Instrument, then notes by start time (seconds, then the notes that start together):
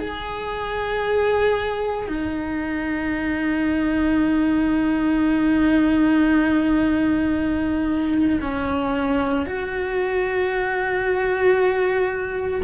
cello
0.00 G#4
2.08 D#4
8.42 C#4
9.46 F#4